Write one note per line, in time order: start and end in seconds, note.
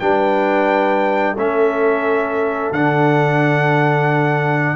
0.00 1.37 G3
0.00 1.37 D4
0.00 1.36 B4
0.00 1.36 G5
1.36 2.71 A3
1.36 2.75 C#4
1.36 4.76 A4
1.36 2.73 E5
2.71 4.76 D3
2.71 4.76 D4
2.71 4.76 F#5